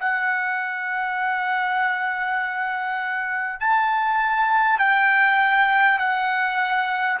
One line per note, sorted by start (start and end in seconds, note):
0.00 3.59 F#5
3.59 4.78 A5
4.78 5.98 G5
5.98 7.18 F#5